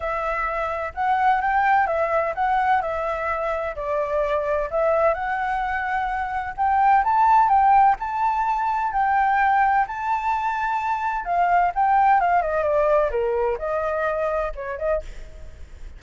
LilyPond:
\new Staff \with { instrumentName = "flute" } { \time 4/4 \tempo 4 = 128 e''2 fis''4 g''4 | e''4 fis''4 e''2 | d''2 e''4 fis''4~ | fis''2 g''4 a''4 |
g''4 a''2 g''4~ | g''4 a''2. | f''4 g''4 f''8 dis''8 d''4 | ais'4 dis''2 cis''8 dis''8 | }